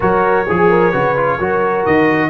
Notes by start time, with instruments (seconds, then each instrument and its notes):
0.00 tuba F#3, trombone F#4, horn A#4, trumpet C#5
0.46 tuba F3, horn G#4, trombone G#4
0.69 horn A#4
0.91 tuba C#3, trombone F#4, horn B4
1.16 trombone F4
1.38 tuba F#3, trombone F#4, horn A#4
1.85 tuba D#3, trumpet D#5